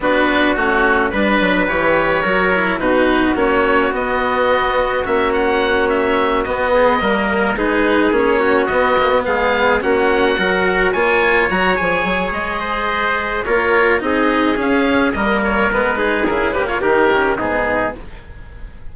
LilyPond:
<<
  \new Staff \with { instrumentName = "oboe" } { \time 4/4 \tempo 4 = 107 b'4 fis'4 b'4 cis''4~ | cis''4 b'4 cis''4 dis''4~ | dis''4 e''8 fis''4 e''4 dis''8~ | dis''4. b'4 cis''4 dis''8~ |
dis''8 f''4 fis''2 gis''8~ | gis''8 ais''8 gis''4 dis''2 | cis''4 dis''4 f''4 dis''8 cis''8 | b'4 ais'8 b'16 cis''16 ais'4 gis'4 | }
  \new Staff \with { instrumentName = "trumpet" } { \time 4/4 fis'2 b'2 | ais'4 fis'2.~ | fis'1 | gis'8 ais'4 gis'4. fis'4~ |
fis'8 gis'4 fis'4 ais'4 cis''8~ | cis''2~ cis''8 c''4. | ais'4 gis'2 ais'4~ | ais'8 gis'4 g'16 f'16 g'4 dis'4 | }
  \new Staff \with { instrumentName = "cello" } { \time 4/4 d'4 cis'4 d'4 g'4 | fis'8 e'8 dis'4 cis'4 b4~ | b4 cis'2~ cis'8 b8~ | b8 ais4 dis'4 cis'4 b8 |
ais16 b4~ b16 cis'4 fis'4 f'8~ | f'8 fis'8 gis'2. | f'4 dis'4 cis'4 ais4 | b8 dis'8 e'8 ais8 dis'8 cis'8 b4 | }
  \new Staff \with { instrumentName = "bassoon" } { \time 4/4 b4 a4 g8 fis8 e4 | fis4 b,4 ais4 b4~ | b4 ais2~ ais8 b8~ | b8 g4 gis4 ais4 b8~ |
b8 gis4 ais4 fis4 ais8~ | ais8 fis8 f8 fis8 gis2 | ais4 c'4 cis'4 g4 | gis4 cis4 dis4 gis,4 | }
>>